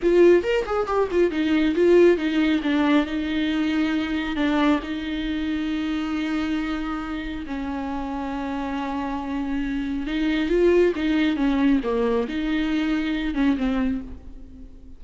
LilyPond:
\new Staff \with { instrumentName = "viola" } { \time 4/4 \tempo 4 = 137 f'4 ais'8 gis'8 g'8 f'8 dis'4 | f'4 dis'4 d'4 dis'4~ | dis'2 d'4 dis'4~ | dis'1~ |
dis'4 cis'2.~ | cis'2. dis'4 | f'4 dis'4 cis'4 ais4 | dis'2~ dis'8 cis'8 c'4 | }